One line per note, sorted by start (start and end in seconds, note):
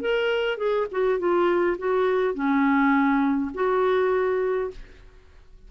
0.00 0.57 A#4
0.57 0.86 G#4
0.91 1.18 F#4
1.18 1.77 F4
1.78 2.34 F#4
2.34 3.51 C#4
3.54 4.70 F#4